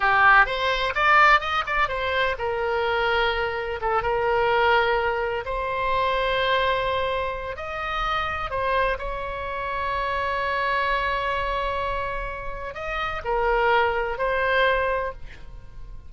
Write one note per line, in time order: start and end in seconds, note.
0.00 0.46 G4
0.46 0.93 C5
0.94 1.40 D5
1.40 1.63 D#5
1.66 1.88 D5
1.88 2.35 C5
2.38 3.80 A#4
3.81 4.02 A4
4.02 5.44 A#4
5.45 7.56 C5
7.56 8.50 D#5
8.50 8.97 C5
8.98 12.74 C#5
12.74 13.21 D#5
13.24 14.18 A#4
14.18 15.12 C5